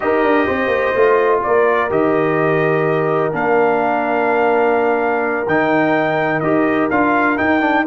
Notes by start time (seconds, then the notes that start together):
0.00 D#4 G4 A#4 D#5
0.23 D4
0.46 C4 C5
0.67 A#3
0.95 A3 F4
1.43 A#3 A#4 D5
1.89 D#3 G4 D#5
3.32 A#3 D4 F5
5.46 D#3 D#4 G5
6.40 D#4 G4 D#5
6.90 D4 F4 F5
7.37 D#4 G5
7.60 D4